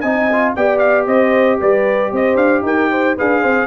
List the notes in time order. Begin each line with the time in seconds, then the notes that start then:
0.00 C4 D#4 D#5 G#5
0.32 F4
0.55 B3 G4 D5 G5
0.78 F5
1.07 C4 C5 D#5
1.59 G3 B4 D5
2.11 C4 C5 D#5
2.35 D4 F5
2.62 D#4 A#4 G5
2.90 C5
3.16 D4 G#4 B4 F5
3.40 C4 C5